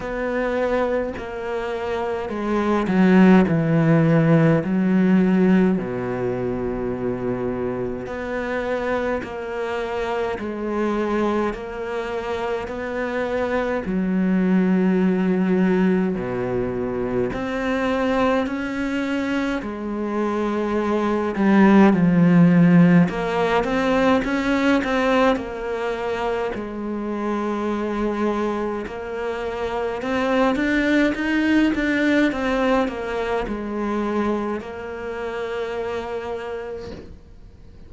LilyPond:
\new Staff \with { instrumentName = "cello" } { \time 4/4 \tempo 4 = 52 b4 ais4 gis8 fis8 e4 | fis4 b,2 b4 | ais4 gis4 ais4 b4 | fis2 b,4 c'4 |
cis'4 gis4. g8 f4 | ais8 c'8 cis'8 c'8 ais4 gis4~ | gis4 ais4 c'8 d'8 dis'8 d'8 | c'8 ais8 gis4 ais2 | }